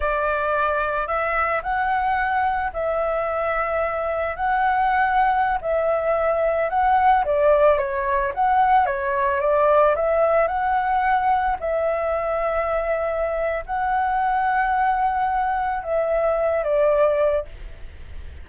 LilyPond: \new Staff \with { instrumentName = "flute" } { \time 4/4 \tempo 4 = 110 d''2 e''4 fis''4~ | fis''4 e''2. | fis''2~ fis''16 e''4.~ e''16~ | e''16 fis''4 d''4 cis''4 fis''8.~ |
fis''16 cis''4 d''4 e''4 fis''8.~ | fis''4~ fis''16 e''2~ e''8.~ | e''4 fis''2.~ | fis''4 e''4. d''4. | }